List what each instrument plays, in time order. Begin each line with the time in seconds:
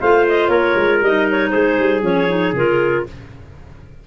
0.00 tuba A3, clarinet F4 F5, trumpet C5
0.28 clarinet D#5
0.48 tuba A#3, trumpet A#4, clarinet C#5
0.75 tuba G#3
1.01 tuba G3, clarinet D#4 D#5
1.31 clarinet C#5
1.50 tuba G#3, trumpet G#4, clarinet C5
1.79 tuba G3
2.01 tuba F3, clarinet C#4 C#5
2.28 clarinet D#4
2.52 tuba C#3, clarinet F4 A#4